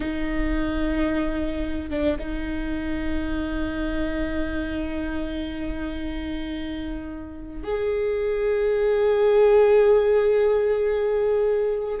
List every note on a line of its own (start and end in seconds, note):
0.00 1.90 D#4
1.90 2.17 D4
2.18 7.63 D#4
7.63 11.99 G#4